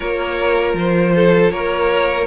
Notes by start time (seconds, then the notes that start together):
0.00 A#3 F4 A#4 C#5
0.73 F3 C5
1.15 A4
1.50 A#3 A#4 C#5